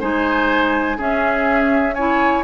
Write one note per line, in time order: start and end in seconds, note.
0.00 0.98 G#3
0.00 0.98 D#4
0.00 0.98 C5
0.00 0.99 G#5
0.98 2.44 C#4
0.98 1.96 C#4
0.98 1.95 G#4
0.98 1.94 E5
1.94 2.44 E4
1.94 2.44 C#5
1.94 2.44 G#5